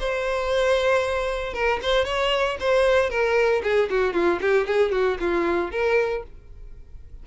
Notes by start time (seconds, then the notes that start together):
0.00 C5
1.54 A#4
1.82 C5
2.05 C#5
2.60 C5
3.10 A#4
3.63 G#4
3.90 F#4
4.13 F4
4.41 G4
4.67 G#4
4.92 F#4
5.20 F4
5.71 A#4